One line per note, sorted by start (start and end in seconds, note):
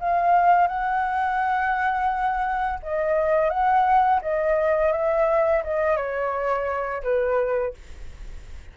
0.00 0.67 F5
0.67 2.79 F#5
2.83 3.50 D#5
3.50 4.20 F#5
4.22 4.92 D#5
4.92 5.63 E5
5.64 5.97 D#5
5.97 7.03 C#5
7.03 7.74 B4